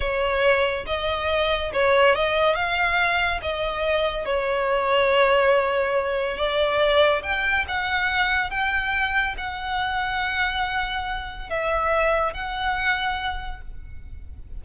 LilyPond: \new Staff \with { instrumentName = "violin" } { \time 4/4 \tempo 4 = 141 cis''2 dis''2 | cis''4 dis''4 f''2 | dis''2 cis''2~ | cis''2. d''4~ |
d''4 g''4 fis''2 | g''2 fis''2~ | fis''2. e''4~ | e''4 fis''2. | }